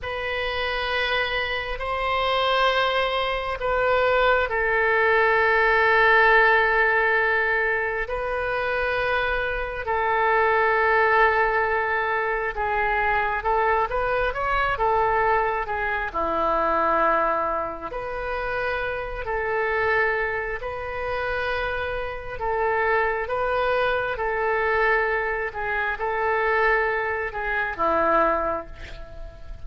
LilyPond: \new Staff \with { instrumentName = "oboe" } { \time 4/4 \tempo 4 = 67 b'2 c''2 | b'4 a'2.~ | a'4 b'2 a'4~ | a'2 gis'4 a'8 b'8 |
cis''8 a'4 gis'8 e'2 | b'4. a'4. b'4~ | b'4 a'4 b'4 a'4~ | a'8 gis'8 a'4. gis'8 e'4 | }